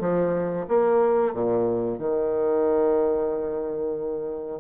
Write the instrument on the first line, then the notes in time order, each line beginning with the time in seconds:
bassoon
0.00 F3
0.68 A#3
1.33 A#2
1.98 D#3